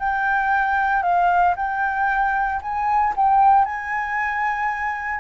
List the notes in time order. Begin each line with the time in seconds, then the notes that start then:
0.00 G5
1.03 F5
1.57 G5
2.62 G#5
3.16 G5
3.65 G#5